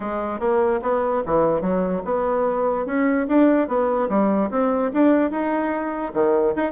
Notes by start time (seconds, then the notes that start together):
0.00 G#3
0.39 A#3
0.82 B3
1.26 E3
1.61 F#3
2.04 B3
2.86 C#4
3.27 D4
3.68 B3
4.09 G3
4.50 C4
4.93 D4
5.30 D#4
6.13 D#3
6.55 D#4